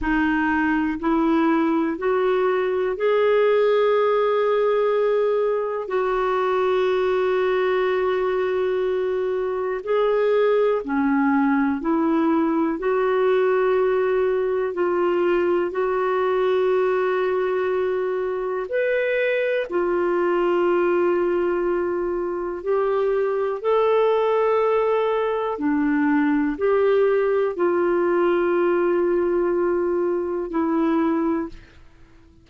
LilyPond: \new Staff \with { instrumentName = "clarinet" } { \time 4/4 \tempo 4 = 61 dis'4 e'4 fis'4 gis'4~ | gis'2 fis'2~ | fis'2 gis'4 cis'4 | e'4 fis'2 f'4 |
fis'2. b'4 | f'2. g'4 | a'2 d'4 g'4 | f'2. e'4 | }